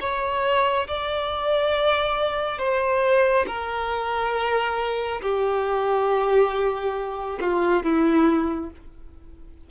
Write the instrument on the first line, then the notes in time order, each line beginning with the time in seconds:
violin
0.00 C#5
0.87 D5
2.58 C5
3.47 A#4
5.21 G4
7.40 F4
7.83 E4